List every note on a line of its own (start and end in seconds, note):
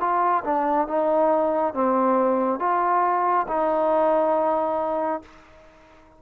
0.00 0.43 F4
0.44 0.87 D4
0.87 1.74 D#4
1.74 2.59 C4
2.59 3.46 F4
3.48 5.22 D#4